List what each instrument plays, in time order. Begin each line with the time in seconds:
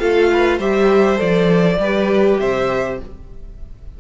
0.00 cello A3, viola F4, violin A4 F5
0.33 violin B4
0.58 cello G3, viola G4, violin C5 E5
1.17 cello F3, viola A4, violin D5
1.78 cello G3, viola G4, violin B4
2.39 cello C3, violin C5 E5